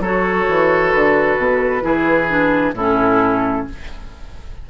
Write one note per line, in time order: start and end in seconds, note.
0.00 0.45 F#3
0.00 1.81 F#4
0.00 1.84 A4
0.00 0.92 C#5
0.49 0.94 E3
0.92 1.37 D3
0.92 2.74 B4
1.37 1.83 B2
1.81 2.74 E3
1.81 2.27 E4
1.81 2.75 G#4
2.29 2.75 D4
2.74 3.65 A2
2.74 3.70 C#4
2.74 3.66 E4
2.74 3.68 A4